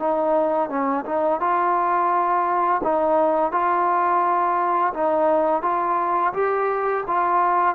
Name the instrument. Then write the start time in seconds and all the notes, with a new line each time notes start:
trombone
0.00 D#4
0.70 C#4
1.06 D#4
1.41 F4
2.84 D#4
3.52 F4
4.94 D#4
5.63 F4
6.34 G4
7.07 F4